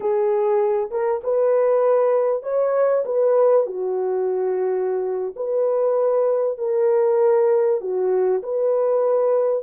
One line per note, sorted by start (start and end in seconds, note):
0.00 0.90 G#4
0.90 1.21 A#4
1.23 2.42 B4
2.42 3.04 C#5
3.05 3.66 B4
3.66 5.34 F#4
5.36 6.58 B4
6.58 7.80 A#4
7.80 8.42 F#4
8.42 9.63 B4